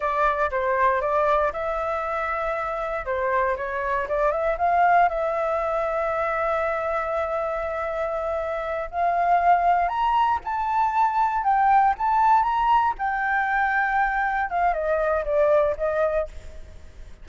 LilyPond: \new Staff \with { instrumentName = "flute" } { \time 4/4 \tempo 4 = 118 d''4 c''4 d''4 e''4~ | e''2 c''4 cis''4 | d''8 e''8 f''4 e''2~ | e''1~ |
e''4. f''2 ais''8~ | ais''8 a''2 g''4 a''8~ | a''8 ais''4 g''2~ g''8~ | g''8 f''8 dis''4 d''4 dis''4 | }